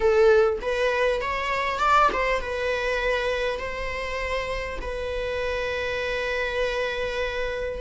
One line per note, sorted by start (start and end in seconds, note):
0.00 0.58 A4
0.61 1.21 B4
1.21 1.79 C#5
1.79 2.09 D5
2.12 2.41 C5
2.41 3.59 B4
3.59 4.79 C5
4.81 7.80 B4